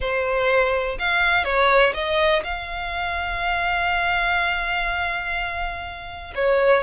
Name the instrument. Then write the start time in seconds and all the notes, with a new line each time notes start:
violin
0.00 C5
0.99 F5
1.44 C#5
1.94 D#5
2.43 F5
6.35 C#5